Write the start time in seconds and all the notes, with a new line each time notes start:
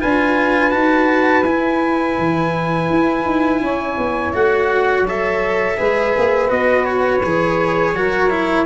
0.00 D4 F4 B4 G#5
0.71 D#4 F#4 A5
1.43 E4 G#5
2.18 E3
2.90 E4
3.25 D#4
3.61 C#4 C#5
3.98 B3
4.34 A3 F#4 F#5
5.03 F#3 A4 E5
5.77 G#3 G#4 B4
6.17 A#3
6.48 B3 F#4 D#5
6.85 C#5
7.23 E3 G#4
7.94 F#3 F#4 A#4
8.30 E4